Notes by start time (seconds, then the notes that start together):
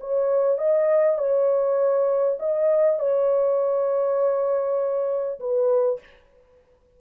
0.00 C#5
0.58 D#5
1.18 C#5
2.39 D#5
2.99 C#5
5.40 B4